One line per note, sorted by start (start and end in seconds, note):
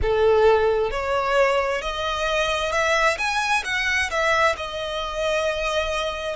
0.02 0.90 A4
0.90 1.81 C#5
1.81 2.72 D#5
2.72 3.17 E5
3.17 3.63 G#5
3.64 4.10 F#5
4.10 4.55 E5
4.56 6.36 D#5